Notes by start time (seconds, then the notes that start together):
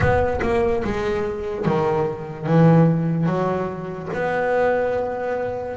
0.00 B3
0.42 A#3
0.84 G#3
1.65 D#3
2.46 E3
3.26 F#3
4.13 B3